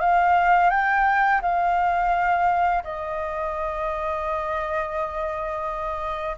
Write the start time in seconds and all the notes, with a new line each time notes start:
0.00 F5
0.70 G5
1.42 F5
2.84 D#5